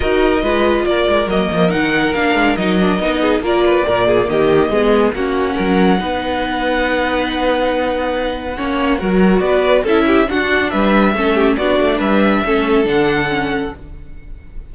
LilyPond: <<
  \new Staff \with { instrumentName = "violin" } { \time 4/4 \tempo 4 = 140 dis''2 d''4 dis''4 | fis''4 f''4 dis''2 | d''2 dis''2 | fis''1~ |
fis''1~ | fis''2 d''4 e''4 | fis''4 e''2 d''4 | e''2 fis''2 | }
  \new Staff \with { instrumentName = "violin" } { \time 4/4 ais'4 b'4 ais'2~ | ais'2.~ ais'8 gis'8 | ais'8 b'8 ais'8 gis'8 g'4 gis'4 | fis'4 ais'4 b'2~ |
b'1 | cis''4 ais'4 b'4 a'8 g'8 | fis'4 b'4 a'8 g'8 fis'4 | b'4 a'2. | }
  \new Staff \with { instrumentName = "viola" } { \time 4/4 fis'4 f'2 ais4 | dis'4 d'4 dis'8 d'8 dis'4 | f'4 ais2 b4 | cis'2 dis'2~ |
dis'1 | cis'4 fis'2 e'4 | d'2 cis'4 d'4~ | d'4 cis'4 d'4 cis'4 | }
  \new Staff \with { instrumentName = "cello" } { \time 4/4 dis'4 gis4 ais8 gis8 fis8 f8 | dis4 ais8 gis8 fis4 b4 | ais4 ais,4 dis4 gis4 | ais4 fis4 b2~ |
b1 | ais4 fis4 b4 cis'4 | d'4 g4 a4 b8 a8 | g4 a4 d2 | }
>>